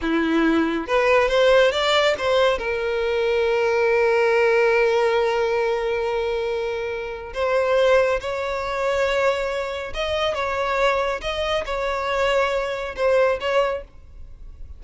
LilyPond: \new Staff \with { instrumentName = "violin" } { \time 4/4 \tempo 4 = 139 e'2 b'4 c''4 | d''4 c''4 ais'2~ | ais'1~ | ais'1~ |
ais'4 c''2 cis''4~ | cis''2. dis''4 | cis''2 dis''4 cis''4~ | cis''2 c''4 cis''4 | }